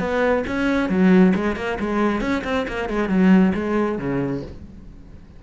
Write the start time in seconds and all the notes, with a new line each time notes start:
0.00 B3
0.47 C#4
0.90 F#3
1.35 G#3
1.57 A#3
1.80 G#3
2.21 C#4
2.45 C4
2.68 A#3
2.90 G#3
3.09 F#3
3.55 G#3
3.99 C#3